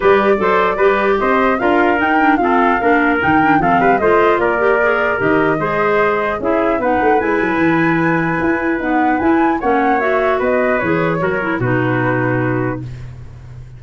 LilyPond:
<<
  \new Staff \with { instrumentName = "flute" } { \time 4/4 \tempo 4 = 150 d''2. dis''4 | f''4 g''4 f''2 | g''4 f''4 dis''4 d''4~ | d''4 dis''2. |
e''4 fis''4 gis''2~ | gis''2 fis''4 gis''4 | fis''4 e''4 dis''4 cis''4~ | cis''4 b'2. | }
  \new Staff \with { instrumentName = "trumpet" } { \time 4/4 b'4 c''4 b'4 c''4 | ais'2 a'4 ais'4~ | ais'4 a'8 b'8 c''4 ais'4~ | ais'2 c''2 |
gis'4 b'2.~ | b'1 | cis''2 b'2 | ais'4 fis'2. | }
  \new Staff \with { instrumentName = "clarinet" } { \time 4/4 g'4 a'4 g'2 | f'4 dis'8 d'8 c'4 d'4 | dis'8 d'8 c'4 f'4. g'8 | gis'4 g'4 gis'2 |
e'4 dis'4 e'2~ | e'2 b4 e'4 | cis'4 fis'2 gis'4 | fis'8 e'8 dis'2. | }
  \new Staff \with { instrumentName = "tuba" } { \time 4/4 g4 fis4 g4 c'4 | d'4 dis'4 f'4 ais4 | dis4 f8 g8 a4 ais4~ | ais4 dis4 gis2 |
cis'4 b8 a8 gis8 fis8 e4~ | e4 e'4 dis'4 e'4 | ais2 b4 e4 | fis4 b,2. | }
>>